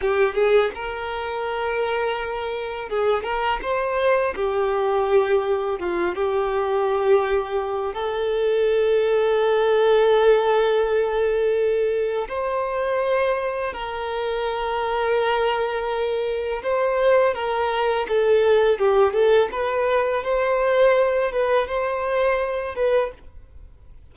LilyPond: \new Staff \with { instrumentName = "violin" } { \time 4/4 \tempo 4 = 83 g'8 gis'8 ais'2. | gis'8 ais'8 c''4 g'2 | f'8 g'2~ g'8 a'4~ | a'1~ |
a'4 c''2 ais'4~ | ais'2. c''4 | ais'4 a'4 g'8 a'8 b'4 | c''4. b'8 c''4. b'8 | }